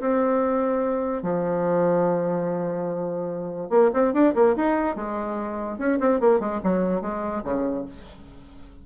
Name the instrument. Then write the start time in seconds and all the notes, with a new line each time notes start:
bassoon
0.00 C4
1.23 F3
3.70 A#3
3.93 C4
4.13 D4
4.35 A#3
4.56 D#4
4.96 G#3
5.78 C#4
6.00 C4
6.20 A#3
6.40 G#3
6.63 F#3
7.01 G#3
7.44 C#3